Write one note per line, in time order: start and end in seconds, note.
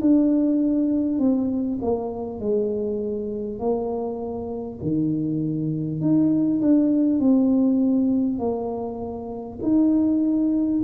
0.00 1.18 D4
1.18 1.78 C4
1.81 2.39 A#3
2.39 3.59 G#3
3.59 4.79 A#3
4.82 6.01 D#3
6.01 6.61 D#4
6.61 7.19 D4
7.19 8.38 C4
8.38 9.58 A#3
9.62 10.82 D#4